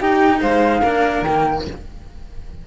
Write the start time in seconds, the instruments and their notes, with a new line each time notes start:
0.00 cello D#4, violin G4, flute G5
0.40 cello G#3, violin C5, flute F5
0.80 cello A#3 D4, violin A#4
1.22 cello D#3 A#3, flute G5